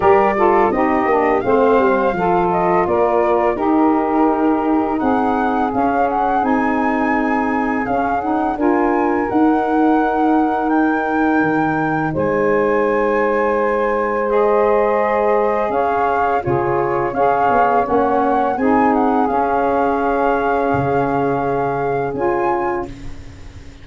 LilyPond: <<
  \new Staff \with { instrumentName = "flute" } { \time 4/4 \tempo 4 = 84 d''4 dis''4 f''4. dis''8 | d''4 ais'2 fis''4 | f''8 fis''8 gis''2 f''8 fis''8 | gis''4 fis''2 g''4~ |
g''4 gis''2. | dis''2 f''4 cis''4 | f''4 fis''4 gis''8 fis''8 f''4~ | f''2. gis''4 | }
  \new Staff \with { instrumentName = "saxophone" } { \time 4/4 ais'8 a'8 g'4 c''4 a'4 | ais'4 g'2 gis'4~ | gis'1 | ais'1~ |
ais'4 c''2.~ | c''2 cis''4 gis'4 | cis''2 gis'2~ | gis'1 | }
  \new Staff \with { instrumentName = "saxophone" } { \time 4/4 g'8 f'8 dis'8 d'8 c'4 f'4~ | f'4 dis'2. | cis'4 dis'2 cis'8 dis'8 | f'4 dis'2.~ |
dis'1 | gis'2. f'4 | gis'4 cis'4 dis'4 cis'4~ | cis'2. f'4 | }
  \new Staff \with { instrumentName = "tuba" } { \time 4/4 g4 c'8 ais8 a8 g8 f4 | ais4 dis'2 c'4 | cis'4 c'2 cis'4 | d'4 dis'2. |
dis4 gis2.~ | gis2 cis'4 cis4 | cis'8 b8 ais4 c'4 cis'4~ | cis'4 cis2 cis'4 | }
>>